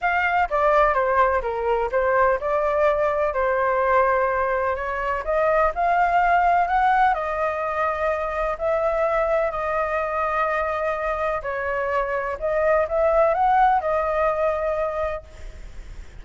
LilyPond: \new Staff \with { instrumentName = "flute" } { \time 4/4 \tempo 4 = 126 f''4 d''4 c''4 ais'4 | c''4 d''2 c''4~ | c''2 cis''4 dis''4 | f''2 fis''4 dis''4~ |
dis''2 e''2 | dis''1 | cis''2 dis''4 e''4 | fis''4 dis''2. | }